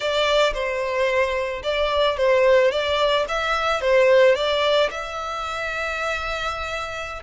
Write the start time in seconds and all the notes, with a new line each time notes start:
0.00 D5
0.53 C5
1.63 D5
2.17 C5
2.71 D5
3.28 E5
3.81 C5
4.35 D5
4.91 E5